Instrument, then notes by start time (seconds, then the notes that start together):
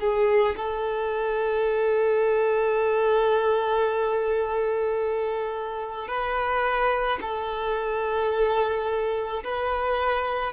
violin
0.00 G#4
0.57 A4
6.08 B4
7.21 A4
9.44 B4